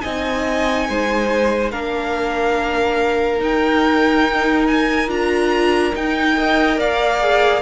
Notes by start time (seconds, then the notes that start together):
0.00 C4 D#4 D#5 G#5
0.89 G#3 C5
1.71 A#3 D4 A#4 F5
3.38 D#4 G5
4.67 G#5
5.07 D4 F4 A#5
5.93 D#4 G5
6.35 A#4 D#5
6.77 A#3 D5 F5
7.20 G#4